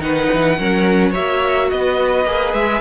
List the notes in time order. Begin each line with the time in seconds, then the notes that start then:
0.00 D#3 D#4 B4 F#5
0.33 E3
0.57 F#3 C#4 A#4
1.10 A#3 F#4 C#5 E5
1.70 B3 B4 D#5
2.25 A#3 G#4
2.53 G#3 E5